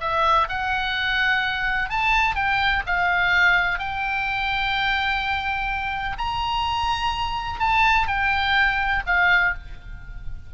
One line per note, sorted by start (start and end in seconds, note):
0.00 0.48 E5
0.48 1.89 F#5
1.89 2.35 A5
2.35 2.83 G5
2.86 3.79 F5
3.79 6.17 G5
6.18 7.59 A#5
7.59 8.07 A5
8.07 9.02 G5
9.06 9.54 F5